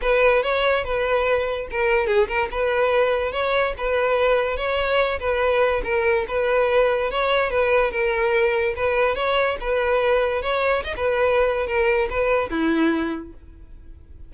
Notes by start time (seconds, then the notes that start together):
0.01 B4
0.42 C#5
0.84 B4
1.70 A#4
2.06 G#4
2.28 A#4
2.51 B4
3.31 C#5
3.77 B4
4.56 C#5
5.19 B4
5.83 A#4
6.28 B4
7.10 C#5
7.50 B4
7.91 A#4
8.76 B4
9.15 C#5
9.60 B4
10.41 C#5
10.83 D#5
10.96 B4
11.66 A#4
12.09 B4
12.50 E4